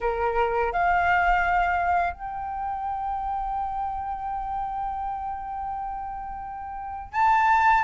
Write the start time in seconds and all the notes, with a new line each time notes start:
0.01 A#4
0.72 F5
2.13 G5
7.12 A5